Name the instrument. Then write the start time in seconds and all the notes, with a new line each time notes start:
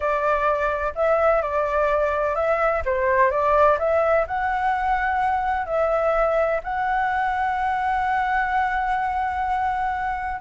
flute
0.00 D5
0.95 E5
1.42 D5
2.35 E5
2.85 C5
3.30 D5
3.78 E5
4.27 F#5
5.66 E5
6.63 F#5